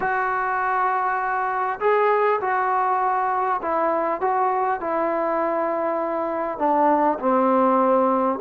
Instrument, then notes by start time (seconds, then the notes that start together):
trombone
0.00 F#4
1.80 G#4
2.40 F#4
3.62 E4
4.20 F#4
4.80 E4
6.58 D4
7.19 C4